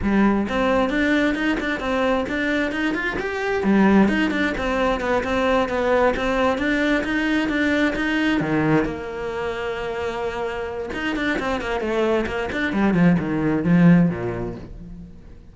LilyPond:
\new Staff \with { instrumentName = "cello" } { \time 4/4 \tempo 4 = 132 g4 c'4 d'4 dis'8 d'8 | c'4 d'4 dis'8 f'8 g'4 | g4 dis'8 d'8 c'4 b8 c'8~ | c'8 b4 c'4 d'4 dis'8~ |
dis'8 d'4 dis'4 dis4 ais8~ | ais1 | dis'8 d'8 c'8 ais8 a4 ais8 d'8 | g8 f8 dis4 f4 ais,4 | }